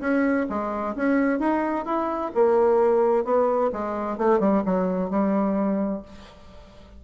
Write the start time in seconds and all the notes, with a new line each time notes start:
0.00 C#4
0.49 G#3
0.95 C#4
1.39 D#4
1.85 E4
2.34 A#3
3.24 B3
3.72 G#3
4.17 A3
4.39 G3
4.65 F#3
5.10 G3